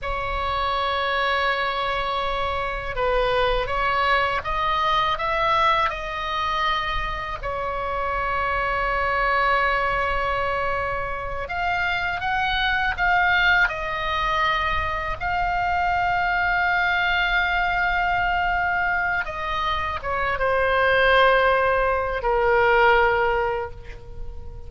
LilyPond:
\new Staff \with { instrumentName = "oboe" } { \time 4/4 \tempo 4 = 81 cis''1 | b'4 cis''4 dis''4 e''4 | dis''2 cis''2~ | cis''2.~ cis''8 f''8~ |
f''8 fis''4 f''4 dis''4.~ | dis''8 f''2.~ f''8~ | f''2 dis''4 cis''8 c''8~ | c''2 ais'2 | }